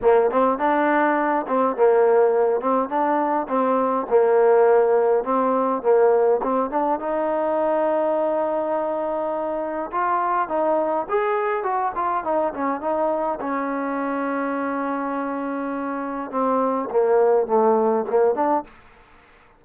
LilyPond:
\new Staff \with { instrumentName = "trombone" } { \time 4/4 \tempo 4 = 103 ais8 c'8 d'4. c'8 ais4~ | ais8 c'8 d'4 c'4 ais4~ | ais4 c'4 ais4 c'8 d'8 | dis'1~ |
dis'4 f'4 dis'4 gis'4 | fis'8 f'8 dis'8 cis'8 dis'4 cis'4~ | cis'1 | c'4 ais4 a4 ais8 d'8 | }